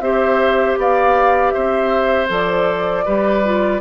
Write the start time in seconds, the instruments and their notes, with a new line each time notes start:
0.00 bassoon C4, clarinet G4, oboe C5, flute E5
0.77 bassoon B3, oboe D5, flute F5
1.51 bassoon C4, oboe C5, flute E5
2.27 bassoon F3, clarinet A4, flute D5
3.05 bassoon G3, clarinet G4, oboe B4
3.44 clarinet F4